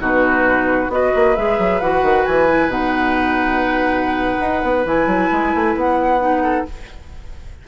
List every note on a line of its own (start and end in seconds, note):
0.00 0.89 B2
0.00 0.90 D#4
0.00 0.92 F#4
0.00 0.92 B4
0.89 1.11 B3
0.89 1.35 F#4
0.89 6.43 B4
0.89 1.36 D#5
1.15 1.37 A#3
1.36 1.59 G#3
1.36 1.82 G#4
1.36 1.81 E5
1.59 1.81 F#3
1.81 2.03 E3
1.81 2.49 F#4
1.81 2.26 F#5
2.03 2.25 D#3
2.26 2.68 E3
2.26 2.71 G#5
2.49 2.71 E4
2.68 4.37 B2
2.68 4.85 D#4
2.68 4.86 F#5
4.41 4.63 D#4
4.63 4.86 B3
4.86 5.07 E3
4.86 6.20 E4
4.86 5.77 G#5
5.07 5.29 F#3
5.32 5.54 G#3
5.55 5.75 A3
5.75 6.65 B3
5.75 6.68 F#5
6.20 6.65 D#4
6.43 6.66 A4